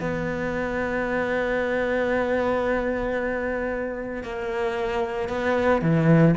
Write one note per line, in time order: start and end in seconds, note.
0.00 4.23 B3
4.23 5.29 A#3
5.29 5.81 B3
5.81 6.35 E3